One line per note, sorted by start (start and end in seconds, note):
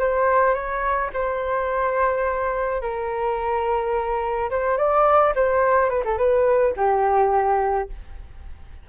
0.00 0.55 C5
0.55 1.11 C#5
1.14 2.82 C5
2.82 4.50 A#4
4.51 4.78 C5
4.78 5.34 D5
5.36 5.90 C5
5.90 6.04 B4
6.05 6.18 A4
6.18 6.74 B4
6.77 7.89 G4